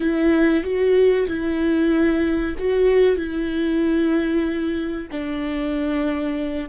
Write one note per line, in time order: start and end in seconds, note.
0.00 0.63 E4
0.63 1.27 F#4
1.27 2.55 E4
2.58 3.16 F#4
3.16 5.08 E4
5.11 6.69 D4